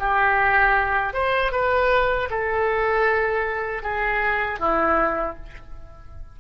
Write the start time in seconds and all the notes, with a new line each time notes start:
0.00 G4
1.14 C5
1.52 B4
2.31 A4
3.83 G#4
4.60 E4